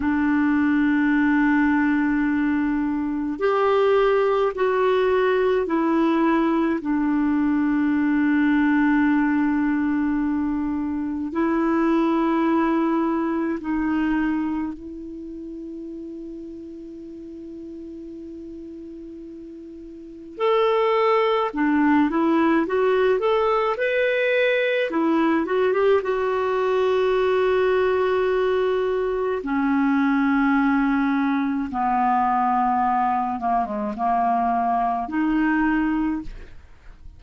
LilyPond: \new Staff \with { instrumentName = "clarinet" } { \time 4/4 \tempo 4 = 53 d'2. g'4 | fis'4 e'4 d'2~ | d'2 e'2 | dis'4 e'2.~ |
e'2 a'4 d'8 e'8 | fis'8 a'8 b'4 e'8 fis'16 g'16 fis'4~ | fis'2 cis'2 | b4. ais16 gis16 ais4 dis'4 | }